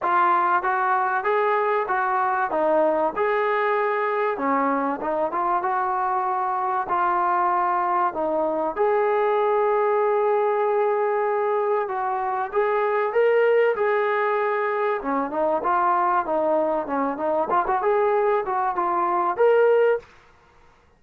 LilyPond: \new Staff \with { instrumentName = "trombone" } { \time 4/4 \tempo 4 = 96 f'4 fis'4 gis'4 fis'4 | dis'4 gis'2 cis'4 | dis'8 f'8 fis'2 f'4~ | f'4 dis'4 gis'2~ |
gis'2. fis'4 | gis'4 ais'4 gis'2 | cis'8 dis'8 f'4 dis'4 cis'8 dis'8 | f'16 fis'16 gis'4 fis'8 f'4 ais'4 | }